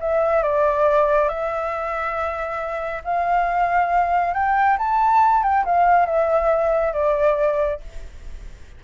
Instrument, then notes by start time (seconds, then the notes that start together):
flute
0.00 E5
0.42 D5
1.28 E5
3.04 F5
4.34 G5
4.78 A5
5.43 G5
5.65 F5
6.06 E5
6.93 D5